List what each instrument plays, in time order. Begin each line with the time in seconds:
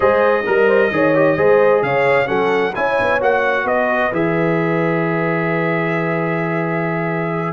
0.00 tuba G#3, trombone G#4, horn C5, trumpet D#5
0.45 tuba G3, trombone A#4, horn A#4
0.67 horn C5
0.90 tuba D#3, trombone G#4, horn C#5
1.14 trombone G4
1.37 tuba G#3, trombone G#4, horn C5
1.82 tuba C#3, horn C#5, trumpet F5
2.26 tuba F#3, trombone C#4, horn A4, trumpet F#5
2.74 tuba C#4, trombone E4, horn C#5, trumpet G#5
3.00 tuba B3
3.20 tuba A#3, trombone F#4, trumpet F#5
3.64 tuba B3, horn B4, trumpet D#5
4.12 tuba E3, trombone G#4, trumpet E5